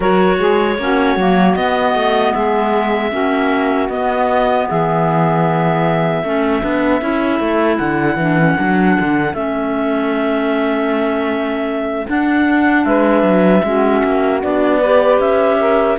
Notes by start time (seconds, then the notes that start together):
0.00 F#3 F#4 A#4 C#5
0.39 G#3 G#4
0.77 A#3 C#4 F#4
1.16 F#3 A#3
1.55 B3 D#5
1.94 A3
2.33 G#3 G#4 E5
3.10 A#3 C#4 F#4
3.88 B3 D#5
4.68 E3 G#4 E5
6.23 A3 C#4 A4
6.61 B3 D4
7.01 C#4 E4
7.39 A3
7.78 D3 F#5
8.16 E3 D4
8.38 C#4
8.56 F#3 D4
9.00 D3
9.33 A3 C#4 E5
12.07 D4 F#5
12.84 G#3 B4 E5
13.22 F#3
13.63 G#3 C#4 F#4
14.04 A#3
14.42 B3 D4 D5
14.78 G4 B4
15.19 C#4 E5
15.60 A#4